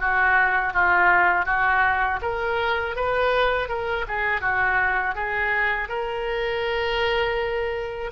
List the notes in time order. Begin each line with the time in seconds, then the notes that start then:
0.00 F#4
0.73 F4
1.46 F#4
2.22 A#4
2.96 B4
3.69 A#4
4.08 G#4
4.41 F#4
5.15 G#4
5.89 A#4